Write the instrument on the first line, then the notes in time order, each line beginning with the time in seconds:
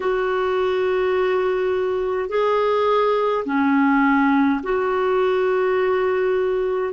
clarinet
0.00 F#4
2.29 G#4
3.45 C#4
4.63 F#4